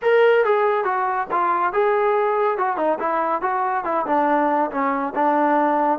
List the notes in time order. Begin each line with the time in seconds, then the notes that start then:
0.02 A#4
0.44 G#4
0.84 F#4
1.31 F4
1.72 G#4
2.57 F#4
2.76 D#4
2.99 E4
3.41 F#4
3.84 E4
4.06 D4
4.70 C#4
5.15 D4